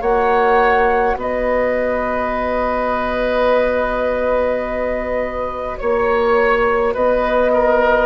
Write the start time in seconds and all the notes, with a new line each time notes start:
0.00 A#3 F#4 C#5 F#5
1.15 B3 B4 D#5
5.77 A#3 C#5
6.93 B3 B4 D#5
7.53 A#4